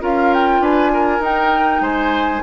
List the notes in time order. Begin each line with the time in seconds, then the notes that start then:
0.00 C#4 F4 A#4 F5
0.33 G5
0.59 D4 B4 G#5
0.93 A#4
1.19 D#4 G5
1.80 G#3 C5 G#5